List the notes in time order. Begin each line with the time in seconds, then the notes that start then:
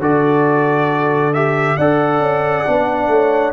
0.00 D3 F#4 A4 D5
1.34 G4 E5
1.77 D4 A4 D5 F#5
2.20 C#4
2.66 B3 D4
3.08 A3 C#5